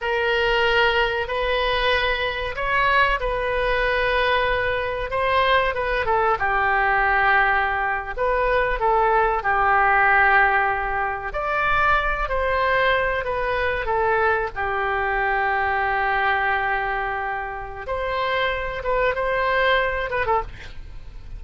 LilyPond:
\new Staff \with { instrumentName = "oboe" } { \time 4/4 \tempo 4 = 94 ais'2 b'2 | cis''4 b'2. | c''4 b'8 a'8 g'2~ | g'8. b'4 a'4 g'4~ g'16~ |
g'4.~ g'16 d''4. c''8.~ | c''8. b'4 a'4 g'4~ g'16~ | g'1 | c''4. b'8 c''4. b'16 a'16 | }